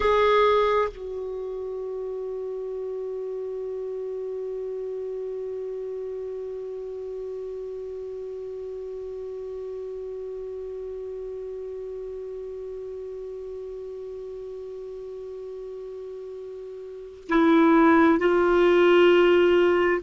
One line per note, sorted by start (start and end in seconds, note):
0.00 0.88 G#4
0.91 17.27 F#4
17.28 18.19 E4
18.19 20.01 F4